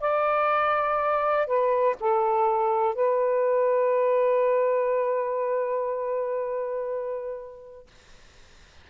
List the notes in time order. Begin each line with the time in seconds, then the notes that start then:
0.00 D5
1.47 B4
2.00 A4
2.95 B4